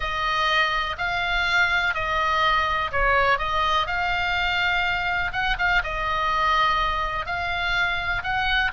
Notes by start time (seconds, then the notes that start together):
0.00 D#5
0.98 F5
1.94 D#5
2.91 C#5
3.38 D#5
3.86 F5
5.32 F#5
5.58 F5
5.83 D#5
7.26 F5
8.23 F#5